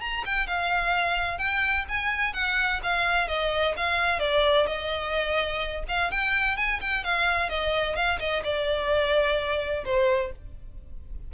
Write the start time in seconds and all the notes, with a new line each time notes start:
0.00 A#5
0.25 G5
0.47 F5
1.38 G5
1.88 G#5
2.33 F#5
2.83 F5
3.28 D#5
3.76 F5
4.20 D5
4.67 D#5
5.88 F5
6.11 G5
6.56 G#5
6.80 G5
7.04 F5
7.49 D#5
7.96 F5
8.19 D#5
8.44 D5
9.85 C5